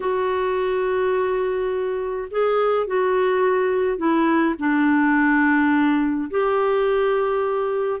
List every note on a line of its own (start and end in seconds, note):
0.00 2.28 F#4
2.30 2.86 G#4
2.86 3.97 F#4
3.97 4.54 E4
4.58 6.30 D4
6.30 8.00 G4